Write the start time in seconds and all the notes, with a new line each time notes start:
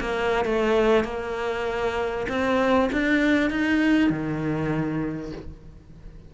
0.00 A#3
0.45 A3
1.04 A#3
2.28 C4
2.92 D4
3.50 D#4
4.10 D#3